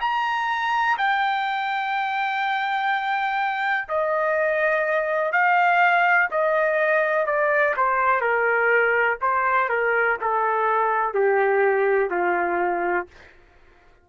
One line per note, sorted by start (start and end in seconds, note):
0.00 0.97 A#5
0.98 3.88 G5
3.88 5.32 D#5
5.32 6.29 F5
6.30 7.26 D#5
7.26 7.74 D5
7.76 8.21 C5
8.21 9.18 A#4
9.21 9.69 C5
9.69 10.17 A#4
10.21 11.13 A4
11.13 12.10 G4
12.10 13.07 F4